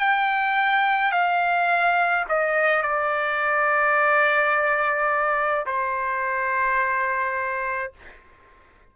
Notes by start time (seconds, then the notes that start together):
0.00 G5
1.12 F5
2.29 D#5
2.83 D5
5.67 C5